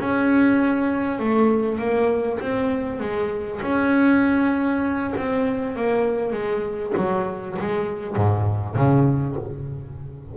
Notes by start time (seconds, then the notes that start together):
0.00 C#4
1.20 A3
1.79 A#3
2.40 C4
3.01 G#3
3.63 C#4
5.17 C4
5.77 A#3
6.33 G#3
6.97 F#3
7.60 G#3
8.17 G#2
8.76 C#3